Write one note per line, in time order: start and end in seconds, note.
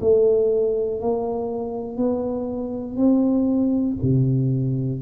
0.00 1.00 A3
1.00 1.97 A#3
1.97 2.96 B3
2.96 3.96 C4
4.02 5.01 C3